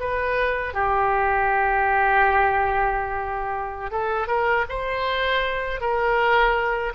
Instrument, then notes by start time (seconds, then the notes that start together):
oboe
0.00 B4
0.74 G4
3.91 A4
4.27 A#4
4.69 C5
5.81 A#4